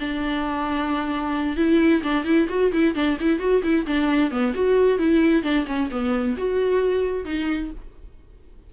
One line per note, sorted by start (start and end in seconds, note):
0.00 1.57 D4
1.57 2.02 E4
2.03 2.25 D4
2.25 2.48 E4
2.49 2.72 F#4
2.72 2.95 E4
2.95 3.18 D4
3.20 3.39 E4
3.39 3.62 F#4
3.63 3.86 E4
3.86 4.31 D4
4.31 4.54 B3
4.54 4.99 F#4
4.99 5.43 E4
5.43 5.65 D4
5.67 5.89 C#4
5.91 6.36 B3
6.37 7.25 F#4
7.25 7.70 D#4